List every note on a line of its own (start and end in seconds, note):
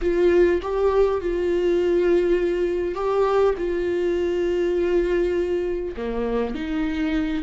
0.01 0.61 F4
0.62 1.20 G4
1.20 2.95 F4
2.95 3.54 G4
3.57 5.95 F4
5.96 6.54 A#3
6.54 7.43 D#4